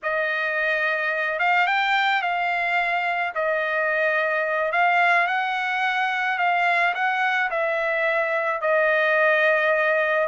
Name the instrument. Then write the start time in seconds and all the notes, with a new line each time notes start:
trumpet
0.03 D#5
1.39 F5
1.67 G5
2.21 F5
3.34 D#5
4.71 F5
5.27 F#5
6.38 F5
6.94 F#5
7.50 E5
8.61 D#5